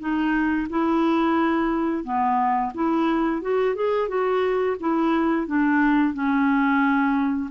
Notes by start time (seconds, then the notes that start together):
0.00 D#4
0.70 E4
2.04 B3
2.75 E4
3.42 F#4
3.76 G#4
4.09 F#4
4.81 E4
5.47 D4
6.14 C#4